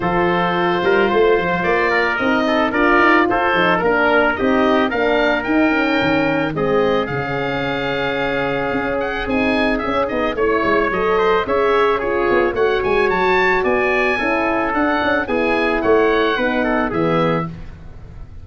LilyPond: <<
  \new Staff \with { instrumentName = "oboe" } { \time 4/4 \tempo 4 = 110 c''2. d''4 | dis''4 d''4 c''4 ais'4 | dis''4 f''4 g''2 | dis''4 f''2.~ |
f''8 fis''8 gis''4 e''8 dis''8 cis''4 | dis''4 e''4 cis''4 fis''8 gis''8 | a''4 gis''2 fis''4 | gis''4 fis''2 e''4 | }
  \new Staff \with { instrumentName = "trumpet" } { \time 4/4 a'4. ais'8 c''4. ais'8~ | ais'8 a'8 ais'4 a'4 ais'4 | g'4 ais'2. | gis'1~ |
gis'2. cis''4~ | cis''8 c''8 cis''4 gis'4 cis''4~ | cis''4 d''4 a'2 | gis'4 cis''4 b'8 a'8 gis'4 | }
  \new Staff \with { instrumentName = "horn" } { \time 4/4 f'1 | dis'4 f'4. dis'8 d'4 | dis'4 d'4 dis'8 cis'4. | c'4 cis'2.~ |
cis'4 dis'4 cis'8 dis'8 e'4 | a'4 gis'4 f'4 fis'4~ | fis'2 e'4 d'4 | e'2 dis'4 b4 | }
  \new Staff \with { instrumentName = "tuba" } { \time 4/4 f4. g8 a8 f8 ais4 | c'4 d'8 dis'8 f'8 f8 ais4 | c'4 ais4 dis'4 dis4 | gis4 cis2. |
cis'4 c'4 cis'8 b8 a8 gis8 | fis4 cis'4. b8 a8 gis8 | fis4 b4 cis'4 d'8 cis'8 | b4 a4 b4 e4 | }
>>